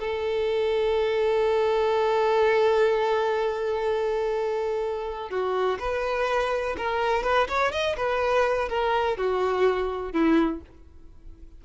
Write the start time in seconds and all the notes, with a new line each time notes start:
0.00 A4
5.30 F#4
5.80 B4
6.77 A#4
7.23 B4
7.48 C#5
7.72 D#5
7.97 B4
8.69 A#4
9.17 F#4
10.13 E4